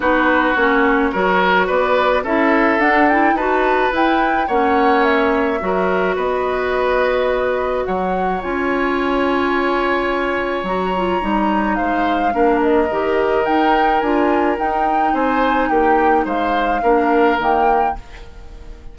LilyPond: <<
  \new Staff \with { instrumentName = "flute" } { \time 4/4 \tempo 4 = 107 b'4 cis''2 d''4 | e''4 fis''8 g''8 a''4 g''4 | fis''4 e''2 dis''4~ | dis''2 fis''4 gis''4~ |
gis''2. ais''4~ | ais''4 f''4. dis''4. | g''4 gis''4 g''4 gis''4 | g''4 f''2 g''4 | }
  \new Staff \with { instrumentName = "oboe" } { \time 4/4 fis'2 ais'4 b'4 | a'2 b'2 | cis''2 ais'4 b'4~ | b'2 cis''2~ |
cis''1~ | cis''4 c''4 ais'2~ | ais'2. c''4 | g'4 c''4 ais'2 | }
  \new Staff \with { instrumentName = "clarinet" } { \time 4/4 dis'4 cis'4 fis'2 | e'4 d'8 e'8 fis'4 e'4 | cis'2 fis'2~ | fis'2. f'4~ |
f'2. fis'8 f'8 | dis'2 d'4 g'4 | dis'4 f'4 dis'2~ | dis'2 d'4 ais4 | }
  \new Staff \with { instrumentName = "bassoon" } { \time 4/4 b4 ais4 fis4 b4 | cis'4 d'4 dis'4 e'4 | ais2 fis4 b4~ | b2 fis4 cis'4~ |
cis'2. fis4 | g4 gis4 ais4 dis4 | dis'4 d'4 dis'4 c'4 | ais4 gis4 ais4 dis4 | }
>>